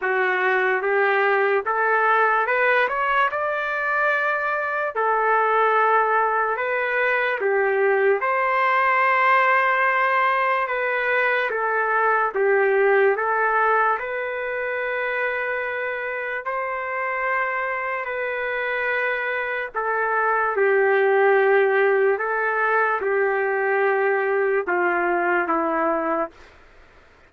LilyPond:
\new Staff \with { instrumentName = "trumpet" } { \time 4/4 \tempo 4 = 73 fis'4 g'4 a'4 b'8 cis''8 | d''2 a'2 | b'4 g'4 c''2~ | c''4 b'4 a'4 g'4 |
a'4 b'2. | c''2 b'2 | a'4 g'2 a'4 | g'2 f'4 e'4 | }